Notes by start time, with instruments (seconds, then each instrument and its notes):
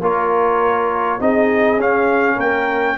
0.00 tuba A#3, trombone F4, horn A#4, trumpet C#5
1.20 tuba C4, trombone D#4, horn G#4, trumpet D#5
1.77 tuba C#4, trombone C#4, trumpet F5
2.36 tuba A#3, horn A#4, trumpet G5